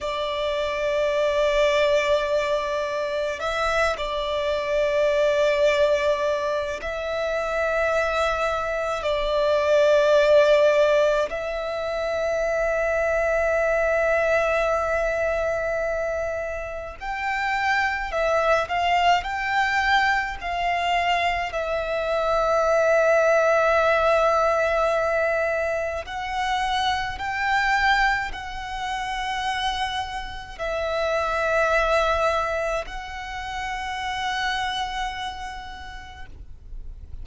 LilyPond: \new Staff \with { instrumentName = "violin" } { \time 4/4 \tempo 4 = 53 d''2. e''8 d''8~ | d''2 e''2 | d''2 e''2~ | e''2. g''4 |
e''8 f''8 g''4 f''4 e''4~ | e''2. fis''4 | g''4 fis''2 e''4~ | e''4 fis''2. | }